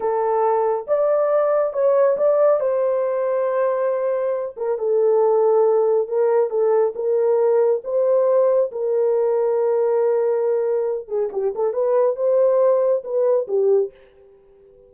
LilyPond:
\new Staff \with { instrumentName = "horn" } { \time 4/4 \tempo 4 = 138 a'2 d''2 | cis''4 d''4 c''2~ | c''2~ c''8 ais'8 a'4~ | a'2 ais'4 a'4 |
ais'2 c''2 | ais'1~ | ais'4. gis'8 g'8 a'8 b'4 | c''2 b'4 g'4 | }